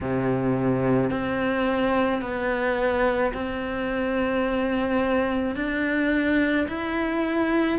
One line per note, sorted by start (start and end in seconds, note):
0.01 1.10 C3
1.10 2.21 C4
2.21 3.32 B3
3.33 5.56 C4
5.56 6.67 D4
6.68 7.79 E4